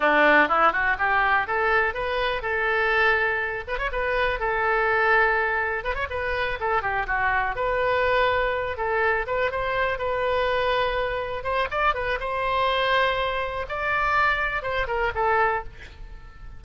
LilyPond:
\new Staff \with { instrumentName = "oboe" } { \time 4/4 \tempo 4 = 123 d'4 e'8 fis'8 g'4 a'4 | b'4 a'2~ a'8 b'16 cis''16 | b'4 a'2. | b'16 cis''16 b'4 a'8 g'8 fis'4 b'8~ |
b'2 a'4 b'8 c''8~ | c''8 b'2. c''8 | d''8 b'8 c''2. | d''2 c''8 ais'8 a'4 | }